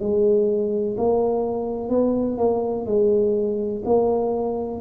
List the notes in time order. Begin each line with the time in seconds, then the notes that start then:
0.00 G#3
0.98 A#3
1.89 B3
2.38 A#3
2.86 G#3
3.85 A#3